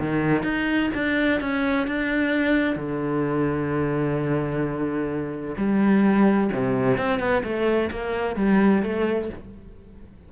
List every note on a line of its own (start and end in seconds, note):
0.00 0.44 D#3
0.44 0.90 D#4
0.95 1.41 D4
1.41 1.88 C#4
1.88 2.76 D4
2.76 5.55 D3
5.58 6.51 G3
6.53 6.98 C3
6.98 7.20 C4
7.20 7.43 B3
7.44 7.91 A3
7.92 8.36 A#3
8.36 8.83 G3
8.83 9.30 A3